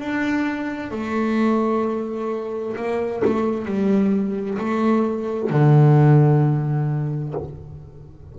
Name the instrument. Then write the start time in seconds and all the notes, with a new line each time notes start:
double bass
0.00 D4
0.91 A3
2.77 A#3
3.25 A3
3.66 G3
4.59 A3
5.50 D3